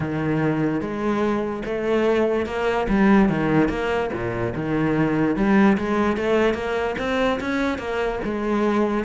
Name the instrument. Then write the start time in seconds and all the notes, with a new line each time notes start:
cello
0.00 D#3
0.80 G#3
1.65 A3
2.46 A#3
2.89 G3
3.29 D#3
3.69 A#3
4.13 A#2
4.55 D#3
5.36 G3
5.77 G#3
6.16 A3
6.54 A#3
6.98 C4
7.40 C#4
7.78 A#3
8.24 G#3